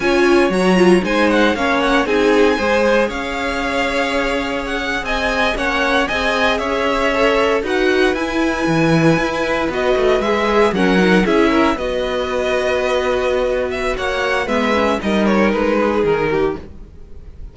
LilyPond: <<
  \new Staff \with { instrumentName = "violin" } { \time 4/4 \tempo 4 = 116 gis''4 ais''4 gis''8 fis''8 f''8 fis''8 | gis''2 f''2~ | f''4 fis''8. gis''4 fis''4 gis''16~ | gis''8. e''2 fis''4 gis''16~ |
gis''2~ gis''8. dis''4 e''16~ | e''8. fis''4 e''4 dis''4~ dis''16~ | dis''2~ dis''8 e''8 fis''4 | e''4 dis''8 cis''8 b'4 ais'4 | }
  \new Staff \with { instrumentName = "violin" } { \time 4/4 cis''2 c''4 cis''4 | gis'4 c''4 cis''2~ | cis''4.~ cis''16 dis''4 cis''4 dis''16~ | dis''8. cis''2 b'4~ b'16~ |
b'1~ | b'8. ais'4 gis'8 ais'8 b'4~ b'16~ | b'2. cis''4 | b'4 ais'4. gis'4 g'8 | }
  \new Staff \with { instrumentName = "viola" } { \time 4/4 f'4 fis'8 f'8 dis'4 cis'4 | dis'4 gis'2.~ | gis'2~ gis'8. cis'4 gis'16~ | gis'4.~ gis'16 a'4 fis'4 e'16~ |
e'2~ e'8. fis'4 gis'16~ | gis'8. cis'8 dis'8 e'4 fis'4~ fis'16~ | fis'1 | b8 cis'8 dis'2. | }
  \new Staff \with { instrumentName = "cello" } { \time 4/4 cis'4 fis4 gis4 ais4 | c'4 gis4 cis'2~ | cis'4.~ cis'16 c'4 ais4 c'16~ | c'8. cis'2 dis'4 e'16~ |
e'8. e4 e'4 b8 a8 gis16~ | gis8. fis4 cis'4 b4~ b16~ | b2. ais4 | gis4 g4 gis4 dis4 | }
>>